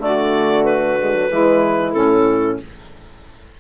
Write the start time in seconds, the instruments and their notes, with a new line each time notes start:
0.00 bassoon D3, saxophone A3 F#4, clarinet D5
0.64 clarinet B4
1.02 saxophone G#3
1.15 saxophone F#3
1.30 bassoon E3, saxophone G#3 E4
1.93 bassoon A2, saxophone C#4, clarinet A4